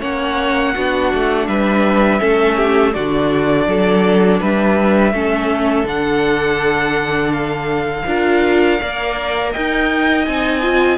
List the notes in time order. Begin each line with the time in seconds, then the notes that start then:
0.00 A#3 C#4 C#5 F#5
0.74 B3 D4 F#4
1.14 A3
1.47 G3 B4 E5
2.19 A3 C#4 A4
2.56 G4
2.93 D3 D4 F#4 D5
3.67 F#3 A4
4.40 G3 B4 E5
5.13 A3 C#4 A4
5.84 D3 D4 F#5
7.33 F5
8.07 D4 F4 A#4
8.80 A#3 A#4 D5
9.52 D#4 D#5 G5
10.26 C4 D#4 G#5
10.62 F4